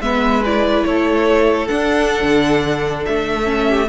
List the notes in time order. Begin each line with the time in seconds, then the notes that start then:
0.00 G#3 B3 B4 E5
0.45 E4 D5
0.84 A3 A4 C#5
1.67 D4 F#5
2.22 D3
3.05 A3 E5
3.44 C#4
3.68 G4